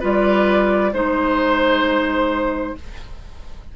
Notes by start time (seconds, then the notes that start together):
0.00 G3 F4 B4
0.06 D5
0.93 G#3 D#4 C5